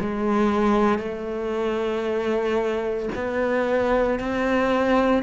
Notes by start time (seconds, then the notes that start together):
0.00 G#3
0.98 A3
3.14 B3
4.19 C4